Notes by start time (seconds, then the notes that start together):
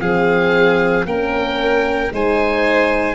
0.00 F3 C4 G#4 F5
1.05 A#3 C#4 A#4 G5
2.12 G#3 D#4 C5 G#5